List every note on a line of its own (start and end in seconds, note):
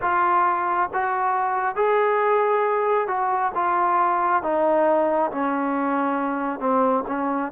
0.01 0.89 F4
0.93 1.75 F#4
1.75 3.07 G#4
3.07 3.51 F#4
3.55 4.42 F4
4.42 5.31 D#4
5.31 6.59 C#4
6.59 7.03 C4
7.07 7.52 C#4